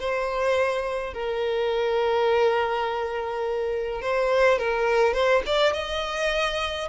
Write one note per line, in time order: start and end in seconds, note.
0.00 1.14 C5
1.14 4.02 A#4
4.02 4.59 C5
4.59 5.14 A#4
5.14 5.43 C5
5.47 5.74 D5
5.74 6.89 D#5